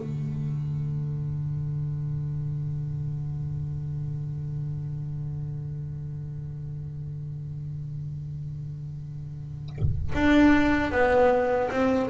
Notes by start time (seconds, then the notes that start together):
0.00 D3
10.14 D4
10.92 B3
11.71 C4